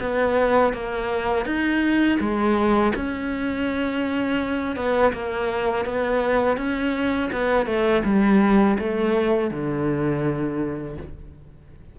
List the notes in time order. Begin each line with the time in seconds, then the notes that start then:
0.00 B3
0.73 A#3
1.45 D#4
2.20 G#3
2.96 C#4
4.76 B3
5.13 A#3
5.85 B3
6.57 C#4
7.32 B3
7.66 A3
8.05 G3
8.79 A3
9.51 D3